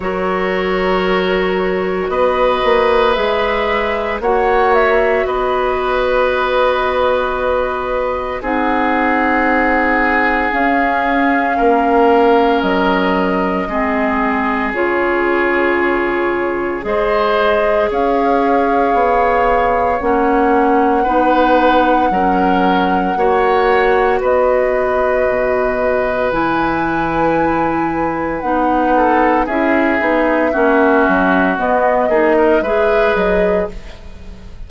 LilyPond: <<
  \new Staff \with { instrumentName = "flute" } { \time 4/4 \tempo 4 = 57 cis''2 dis''4 e''4 | fis''8 e''8 dis''2. | fis''2 f''2 | dis''2 cis''2 |
dis''4 f''2 fis''4~ | fis''2. dis''4~ | dis''4 gis''2 fis''4 | e''2 dis''4 e''8 dis''8 | }
  \new Staff \with { instrumentName = "oboe" } { \time 4/4 ais'2 b'2 | cis''4 b'2. | gis'2. ais'4~ | ais'4 gis'2. |
c''4 cis''2. | b'4 ais'4 cis''4 b'4~ | b'2.~ b'8 a'8 | gis'4 fis'4. gis'16 ais'16 b'4 | }
  \new Staff \with { instrumentName = "clarinet" } { \time 4/4 fis'2. gis'4 | fis'1 | dis'2 cis'2~ | cis'4 c'4 f'2 |
gis'2. cis'4 | dis'4 cis'4 fis'2~ | fis'4 e'2 dis'4 | e'8 dis'8 cis'4 b8 dis'8 gis'4 | }
  \new Staff \with { instrumentName = "bassoon" } { \time 4/4 fis2 b8 ais8 gis4 | ais4 b2. | c'2 cis'4 ais4 | fis4 gis4 cis2 |
gis4 cis'4 b4 ais4 | b4 fis4 ais4 b4 | b,4 e2 b4 | cis'8 b8 ais8 fis8 b8 ais8 gis8 fis8 | }
>>